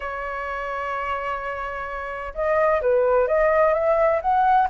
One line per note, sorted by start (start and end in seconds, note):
0.00 2.33 C#5
2.34 2.81 D#5
2.81 3.27 B4
3.27 3.73 D#5
3.73 4.20 E5
4.21 4.68 F#5